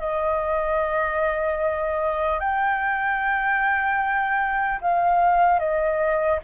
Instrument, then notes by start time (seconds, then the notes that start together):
flute
0.00 D#5
2.40 G5
4.81 F5
5.59 D#5